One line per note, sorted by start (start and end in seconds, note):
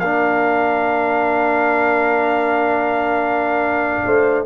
0.00 4.06 A#3
0.00 4.46 D4
0.00 4.06 A#4
0.00 4.46 F5
4.06 4.46 A3
4.06 4.46 C5